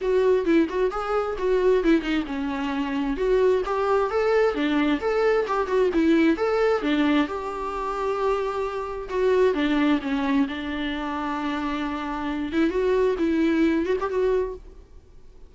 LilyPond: \new Staff \with { instrumentName = "viola" } { \time 4/4 \tempo 4 = 132 fis'4 e'8 fis'8 gis'4 fis'4 | e'8 dis'8 cis'2 fis'4 | g'4 a'4 d'4 a'4 | g'8 fis'8 e'4 a'4 d'4 |
g'1 | fis'4 d'4 cis'4 d'4~ | d'2.~ d'8 e'8 | fis'4 e'4. fis'16 g'16 fis'4 | }